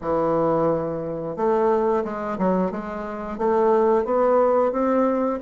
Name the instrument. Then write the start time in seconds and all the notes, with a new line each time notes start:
bassoon
0.01 E3
1.36 A3
2.04 G#3
2.38 F#3
2.71 G#3
3.38 A3
4.04 B3
4.72 C4